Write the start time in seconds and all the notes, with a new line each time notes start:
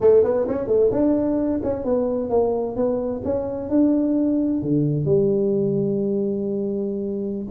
0.00 A3
0.23 B3
0.48 C#4
0.67 A3
0.91 D4
1.63 C#4
1.84 B3
2.29 A#3
2.76 B3
3.24 C#4
3.69 D4
4.62 D3
5.05 G3